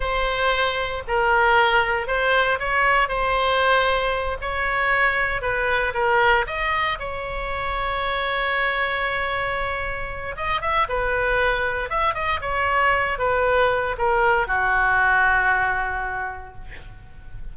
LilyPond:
\new Staff \with { instrumentName = "oboe" } { \time 4/4 \tempo 4 = 116 c''2 ais'2 | c''4 cis''4 c''2~ | c''8 cis''2 b'4 ais'8~ | ais'8 dis''4 cis''2~ cis''8~ |
cis''1 | dis''8 e''8 b'2 e''8 dis''8 | cis''4. b'4. ais'4 | fis'1 | }